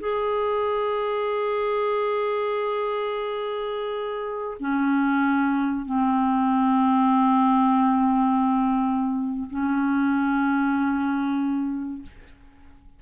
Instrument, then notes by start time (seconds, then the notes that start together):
clarinet
0.00 G#4
4.60 C#4
5.86 C4
9.50 C#4